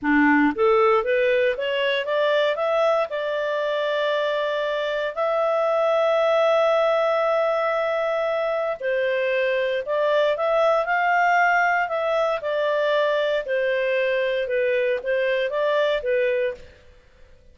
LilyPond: \new Staff \with { instrumentName = "clarinet" } { \time 4/4 \tempo 4 = 116 d'4 a'4 b'4 cis''4 | d''4 e''4 d''2~ | d''2 e''2~ | e''1~ |
e''4 c''2 d''4 | e''4 f''2 e''4 | d''2 c''2 | b'4 c''4 d''4 b'4 | }